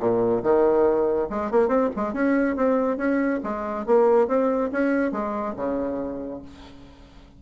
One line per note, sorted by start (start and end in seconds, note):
0.00 0.43 A#2
0.43 1.29 D#3
1.30 1.51 G#3
1.51 1.68 A#3
1.68 1.90 C4
1.96 2.14 G#3
2.14 2.56 C#4
2.56 2.97 C4
2.97 3.40 C#4
3.44 3.86 G#3
3.86 4.28 A#3
4.28 4.71 C4
4.73 5.12 C#4
5.12 5.55 G#3
5.56 6.42 C#3